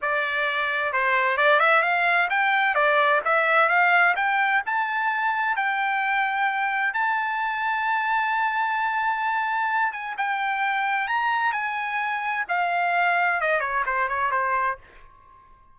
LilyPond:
\new Staff \with { instrumentName = "trumpet" } { \time 4/4 \tempo 4 = 130 d''2 c''4 d''8 e''8 | f''4 g''4 d''4 e''4 | f''4 g''4 a''2 | g''2. a''4~ |
a''1~ | a''4. gis''8 g''2 | ais''4 gis''2 f''4~ | f''4 dis''8 cis''8 c''8 cis''8 c''4 | }